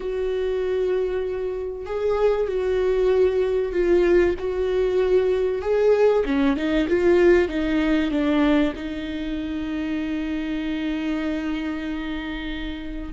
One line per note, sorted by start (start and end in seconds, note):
0.00 1.86 F#4
1.86 2.47 G#4
2.47 3.72 F#4
3.72 4.35 F4
4.39 5.61 F#4
5.61 6.24 G#4
6.25 6.56 C#4
6.56 6.87 D#4
6.88 7.48 F4
7.48 8.10 D#4
8.10 8.73 D4
8.75 13.12 D#4